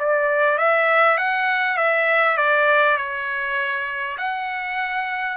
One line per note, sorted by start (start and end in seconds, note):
0.00 0.58 D5
0.58 1.18 E5
1.18 1.78 F#5
1.78 2.38 E5
2.38 2.98 D5
2.98 4.18 C#5
4.18 5.38 F#5